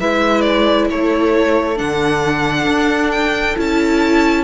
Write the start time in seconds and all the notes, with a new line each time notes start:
0.00 G#3 E4 B4 E5
0.41 D5
0.90 A3 A4 C#5
1.76 D3 D4 F#5
2.67 D4
3.11 G5
3.56 C#4 E4 A5